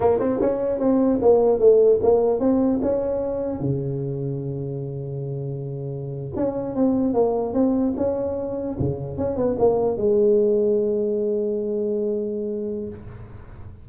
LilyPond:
\new Staff \with { instrumentName = "tuba" } { \time 4/4 \tempo 4 = 149 ais8 c'8 cis'4 c'4 ais4 | a4 ais4 c'4 cis'4~ | cis'4 cis2.~ | cis2.~ cis8. cis'16~ |
cis'8. c'4 ais4 c'4 cis'16~ | cis'4.~ cis'16 cis4 cis'8 b8 ais16~ | ais8. gis2.~ gis16~ | gis1 | }